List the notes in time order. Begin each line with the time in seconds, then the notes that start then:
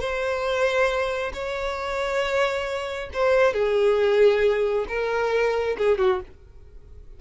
0.00 C5
1.33 C#5
3.13 C5
3.53 G#4
4.88 A#4
5.78 G#4
5.98 F#4